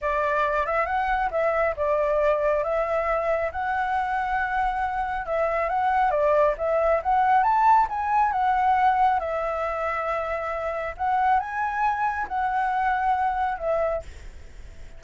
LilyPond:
\new Staff \with { instrumentName = "flute" } { \time 4/4 \tempo 4 = 137 d''4. e''8 fis''4 e''4 | d''2 e''2 | fis''1 | e''4 fis''4 d''4 e''4 |
fis''4 a''4 gis''4 fis''4~ | fis''4 e''2.~ | e''4 fis''4 gis''2 | fis''2. e''4 | }